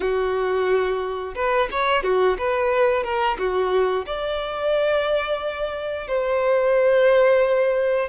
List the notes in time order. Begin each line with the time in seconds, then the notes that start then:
0.00 F#4
1.35 B4
1.71 C#5
2.03 F#4
2.37 B4
3.03 A#4
3.38 F#4
4.06 D5
6.07 C5